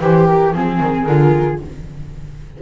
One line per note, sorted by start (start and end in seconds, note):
0.00 0.53 E3
0.00 0.53 G4
0.00 0.26 C5
0.26 0.52 A#4
0.52 0.80 F3
0.52 1.07 C4
0.52 1.03 G#4
0.52 1.61 G#4
0.80 1.06 D#3
1.03 1.60 D3
1.03 1.62 F4
1.03 1.56 A#4